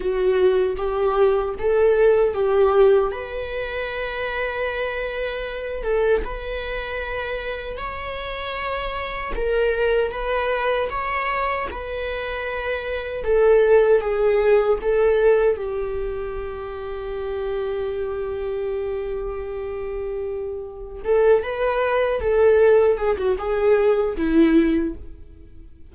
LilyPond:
\new Staff \with { instrumentName = "viola" } { \time 4/4 \tempo 4 = 77 fis'4 g'4 a'4 g'4 | b'2.~ b'8 a'8 | b'2 cis''2 | ais'4 b'4 cis''4 b'4~ |
b'4 a'4 gis'4 a'4 | g'1~ | g'2. a'8 b'8~ | b'8 a'4 gis'16 fis'16 gis'4 e'4 | }